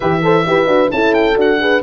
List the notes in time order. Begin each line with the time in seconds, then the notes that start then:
0.00 E3 G4 B4 E5
0.23 A4 C5
0.47 E4 G4 B4
0.66 D4 F#4
0.91 C#4 E4 A4 A5
1.13 G5
1.35 D4 F#4 F#5
1.59 G#4 B4